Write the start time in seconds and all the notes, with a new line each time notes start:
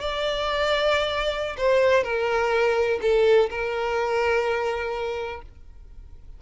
0.00 D5
1.57 C5
2.03 A#4
3.01 A4
3.50 A#4